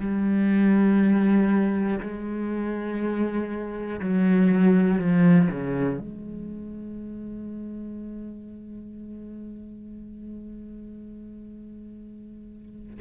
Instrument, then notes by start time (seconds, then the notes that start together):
cello
0.00 G3
2.00 G#3
4.00 F#3
4.98 F3
5.50 C#3
5.99 G#3